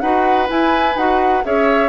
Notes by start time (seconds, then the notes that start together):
0.00 D#4 F#4 B4 F#5
0.47 E4 G#5
0.96 D#4 F#4 F#5
1.44 C#4 G#4 C#5 E5